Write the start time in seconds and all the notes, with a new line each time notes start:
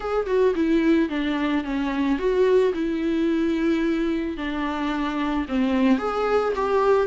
0.00 G#4
0.26 F#4
0.55 E4
1.09 D4
1.63 C#4
2.18 F#4
2.73 E4
4.37 D4
5.48 C4
5.98 G#4
6.55 G4